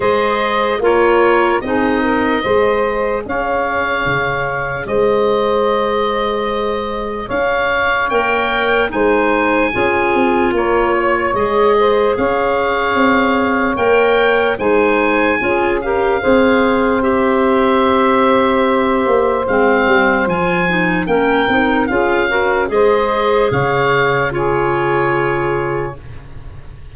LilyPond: <<
  \new Staff \with { instrumentName = "oboe" } { \time 4/4 \tempo 4 = 74 dis''4 cis''4 dis''2 | f''2 dis''2~ | dis''4 f''4 g''4 gis''4~ | gis''4 cis''4 dis''4 f''4~ |
f''4 g''4 gis''4. f''8~ | f''4 e''2. | f''4 gis''4 g''4 f''4 | dis''4 f''4 cis''2 | }
  \new Staff \with { instrumentName = "saxophone" } { \time 4/4 c''4 ais'4 gis'8 ais'8 c''4 | cis''2 c''2~ | c''4 cis''2 c''4 | gis'4 ais'8 cis''4 c''8 cis''4~ |
cis''2 c''4 gis'8 ais'8 | c''1~ | c''2 ais'4 gis'8 ais'8 | c''4 cis''4 gis'2 | }
  \new Staff \with { instrumentName = "clarinet" } { \time 4/4 gis'4 f'4 dis'4 gis'4~ | gis'1~ | gis'2 ais'4 dis'4 | f'2 gis'2~ |
gis'4 ais'4 dis'4 f'8 g'8 | gis'4 g'2. | c'4 f'8 dis'8 cis'8 dis'8 f'8 fis'8 | gis'2 f'2 | }
  \new Staff \with { instrumentName = "tuba" } { \time 4/4 gis4 ais4 c'4 gis4 | cis'4 cis4 gis2~ | gis4 cis'4 ais4 gis4 | cis'8 c'8 ais4 gis4 cis'4 |
c'4 ais4 gis4 cis'4 | c'2.~ c'8 ais8 | gis8 g8 f4 ais8 c'8 cis'4 | gis4 cis2. | }
>>